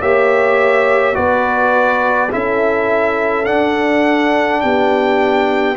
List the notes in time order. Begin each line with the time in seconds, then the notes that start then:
0.00 A#3 G4 C#5 E5
1.13 B3 F#4 B4 D5
2.30 C#4 E4 A4 E5
3.44 D4 F#5
4.61 B3 G4 G5